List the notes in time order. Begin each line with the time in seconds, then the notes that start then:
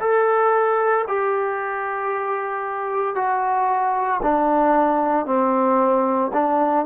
0.00 A4
1.08 G4
3.16 F#4
4.23 D4
5.26 C4
6.33 D4